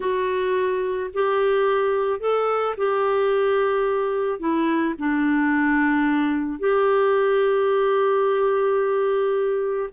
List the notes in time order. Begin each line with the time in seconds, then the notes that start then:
0.00 F#4
1.13 G4
2.20 A4
2.77 G4
4.39 E4
4.98 D4
6.59 G4